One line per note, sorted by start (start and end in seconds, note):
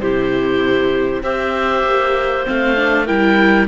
0.00 1.22 C3
0.00 1.23 E4
0.00 1.23 G4
0.00 1.23 C5
1.22 1.83 C4
1.22 2.45 G4
1.22 3.05 C5
1.22 2.45 E5
1.84 2.45 A#3
2.45 3.09 A3
2.45 2.75 C4
2.45 3.07 F5
2.76 3.07 D4
3.05 3.67 G3
3.05 3.67 E4
3.05 3.66 A#4
3.05 3.67 G5